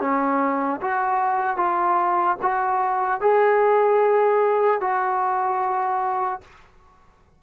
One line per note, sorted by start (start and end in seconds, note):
0.00 0.80 C#4
0.81 1.56 F#4
1.56 2.36 F4
2.41 3.20 F#4
3.20 4.80 G#4
4.80 6.40 F#4